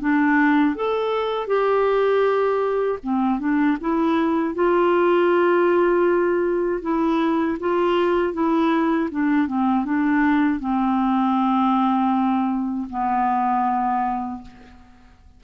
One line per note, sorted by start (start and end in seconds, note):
0.00 0.75 D4
0.75 1.47 A4
1.47 2.99 G4
3.03 3.39 C4
3.39 3.77 D4
3.80 4.54 E4
4.54 6.81 F4
6.81 7.57 E4
7.60 8.33 F4
8.33 9.09 E4
9.11 9.47 D4
9.47 9.85 C4
9.85 10.60 D4
10.60 12.88 C4
12.90 14.42 B3